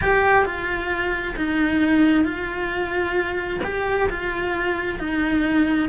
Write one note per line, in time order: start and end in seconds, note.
0.01 0.45 G4
0.45 1.35 F4
1.36 2.24 D#4
2.24 3.59 F4
3.64 4.09 G4
4.09 4.99 F4
4.99 5.89 D#4